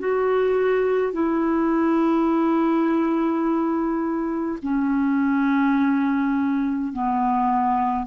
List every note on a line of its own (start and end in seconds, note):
0.00 1.13 F#4
1.13 4.59 E4
4.63 6.93 C#4
6.93 8.07 B3